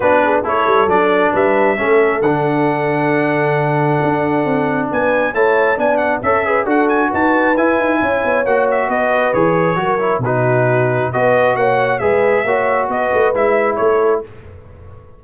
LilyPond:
<<
  \new Staff \with { instrumentName = "trumpet" } { \time 4/4 \tempo 4 = 135 b'4 cis''4 d''4 e''4~ | e''4 fis''2.~ | fis''2. gis''4 | a''4 gis''8 fis''8 e''4 fis''8 gis''8 |
a''4 gis''2 fis''8 e''8 | dis''4 cis''2 b'4~ | b'4 dis''4 fis''4 e''4~ | e''4 dis''4 e''4 cis''4 | }
  \new Staff \with { instrumentName = "horn" } { \time 4/4 fis'8 gis'8 a'2 b'4 | a'1~ | a'2. b'4 | cis''4 d''4 cis''8 b'8 a'4 |
b'2 cis''2 | b'2 ais'4 fis'4~ | fis'4 b'4 cis''4 b'4 | cis''4 b'2 a'4 | }
  \new Staff \with { instrumentName = "trombone" } { \time 4/4 d'4 e'4 d'2 | cis'4 d'2.~ | d'1 | e'4 d'4 a'8 gis'8 fis'4~ |
fis'4 e'2 fis'4~ | fis'4 gis'4 fis'8 e'8 dis'4~ | dis'4 fis'2 gis'4 | fis'2 e'2 | }
  \new Staff \with { instrumentName = "tuba" } { \time 4/4 b4 a8 g8 fis4 g4 | a4 d2.~ | d4 d'4 c'4 b4 | a4 b4 cis'4 d'4 |
dis'4 e'8 dis'8 cis'8 b8 ais4 | b4 e4 fis4 b,4~ | b,4 b4 ais4 gis4 | ais4 b8 a8 gis4 a4 | }
>>